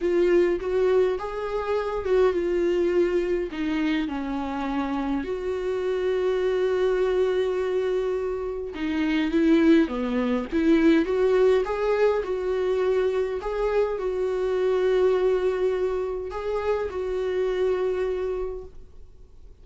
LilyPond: \new Staff \with { instrumentName = "viola" } { \time 4/4 \tempo 4 = 103 f'4 fis'4 gis'4. fis'8 | f'2 dis'4 cis'4~ | cis'4 fis'2.~ | fis'2. dis'4 |
e'4 b4 e'4 fis'4 | gis'4 fis'2 gis'4 | fis'1 | gis'4 fis'2. | }